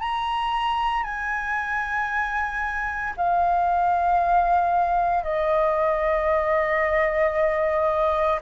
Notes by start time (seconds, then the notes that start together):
0.00 A#5
1.03 G#5
3.17 F5
5.24 D#5